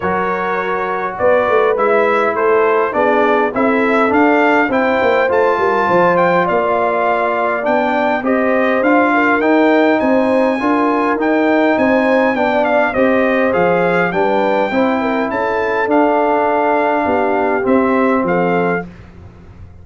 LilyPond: <<
  \new Staff \with { instrumentName = "trumpet" } { \time 4/4 \tempo 4 = 102 cis''2 d''4 e''4 | c''4 d''4 e''4 f''4 | g''4 a''4. g''8 f''4~ | f''4 g''4 dis''4 f''4 |
g''4 gis''2 g''4 | gis''4 g''8 f''8 dis''4 f''4 | g''2 a''4 f''4~ | f''2 e''4 f''4 | }
  \new Staff \with { instrumentName = "horn" } { \time 4/4 ais'2 b'2 | a'4 gis'4 a'2 | c''4. ais'8 c''4 d''4~ | d''2 c''4. ais'8~ |
ais'4 c''4 ais'2 | c''4 d''4 c''2 | b'4 c''8 ais'8 a'2~ | a'4 g'2 a'4 | }
  \new Staff \with { instrumentName = "trombone" } { \time 4/4 fis'2. e'4~ | e'4 d'4 e'4 d'4 | e'4 f'2.~ | f'4 d'4 g'4 f'4 |
dis'2 f'4 dis'4~ | dis'4 d'4 g'4 gis'4 | d'4 e'2 d'4~ | d'2 c'2 | }
  \new Staff \with { instrumentName = "tuba" } { \time 4/4 fis2 b8 a8 gis4 | a4 b4 c'4 d'4 | c'8 ais8 a8 g8 f4 ais4~ | ais4 b4 c'4 d'4 |
dis'4 c'4 d'4 dis'4 | c'4 b4 c'4 f4 | g4 c'4 cis'4 d'4~ | d'4 b4 c'4 f4 | }
>>